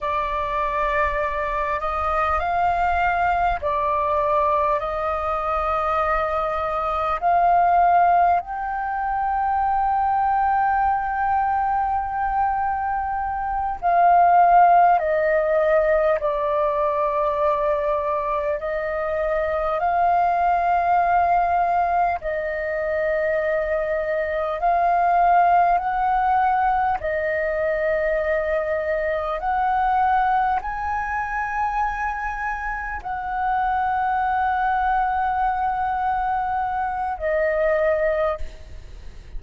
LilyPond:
\new Staff \with { instrumentName = "flute" } { \time 4/4 \tempo 4 = 50 d''4. dis''8 f''4 d''4 | dis''2 f''4 g''4~ | g''2.~ g''8 f''8~ | f''8 dis''4 d''2 dis''8~ |
dis''8 f''2 dis''4.~ | dis''8 f''4 fis''4 dis''4.~ | dis''8 fis''4 gis''2 fis''8~ | fis''2. dis''4 | }